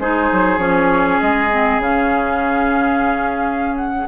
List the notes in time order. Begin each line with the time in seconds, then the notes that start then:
0.00 G#3 D#4 G#4 C5
0.32 F#3
0.58 F3 C#4 C#5
1.20 G#3 D#5
1.51 C4
1.78 C#3 C#4 F5
3.77 F#5